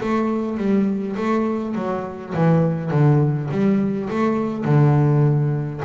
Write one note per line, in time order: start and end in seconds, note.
0.00 0.57 A3
0.57 1.15 G3
1.16 1.74 A3
1.75 2.33 F#3
2.34 2.90 E3
2.90 3.49 D3
3.51 4.09 G3
4.09 4.64 A3
4.64 5.81 D3